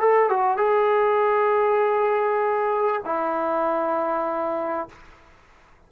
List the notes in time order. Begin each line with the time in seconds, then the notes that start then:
0.00 A4
0.29 F#4
0.57 G#4
3.05 E4